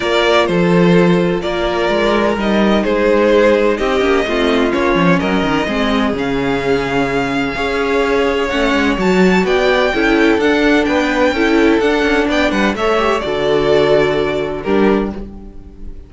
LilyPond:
<<
  \new Staff \with { instrumentName = "violin" } { \time 4/4 \tempo 4 = 127 d''4 c''2 d''4~ | d''4 dis''4 c''2 | dis''2 cis''4 dis''4~ | dis''4 f''2.~ |
f''2 fis''4 a''4 | g''2 fis''4 g''4~ | g''4 fis''4 g''8 fis''8 e''4 | d''2. ais'4 | }
  \new Staff \with { instrumentName = "violin" } { \time 4/4 ais'4 a'2 ais'4~ | ais'2 gis'2 | g'4 f'2 ais'4 | gis'1 |
cis''1 | d''4 a'2 b'4 | a'2 d''8 b'8 cis''4 | a'2. g'4 | }
  \new Staff \with { instrumentName = "viola" } { \time 4/4 f'1~ | f'4 dis'2.~ | dis'8 cis'8 c'4 cis'2 | c'4 cis'2. |
gis'2 cis'4 fis'4~ | fis'4 e'4 d'2 | e'4 d'2 a'8 g'8 | fis'2. d'4 | }
  \new Staff \with { instrumentName = "cello" } { \time 4/4 ais4 f2 ais4 | gis4 g4 gis2 | c'8 ais8 a4 ais8 f8 fis8 dis8 | gis4 cis2. |
cis'2 a8 gis8 fis4 | b4 cis'4 d'4 b4 | cis'4 d'8 cis'8 b8 g8 a4 | d2. g4 | }
>>